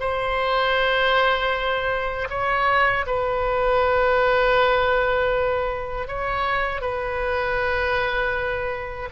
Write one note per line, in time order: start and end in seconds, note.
0.00 2.28 C5
2.30 3.06 C#5
3.06 6.08 B4
6.08 6.81 C#5
6.81 9.09 B4